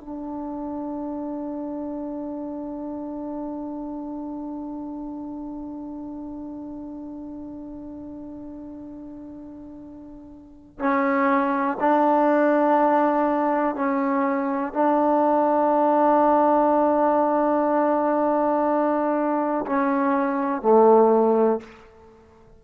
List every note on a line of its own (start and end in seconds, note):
0.00 10.79 D4
10.79 11.78 C#4
11.80 13.76 D4
13.76 14.74 C#4
14.74 19.65 D4
19.66 20.62 C#4
20.62 21.60 A3